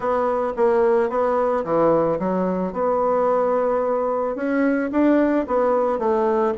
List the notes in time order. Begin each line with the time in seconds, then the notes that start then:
0.00 B3
0.56 A#3
1.09 B3
1.64 E3
2.19 F#3
2.72 B3
4.35 C#4
4.91 D4
5.47 B3
5.98 A3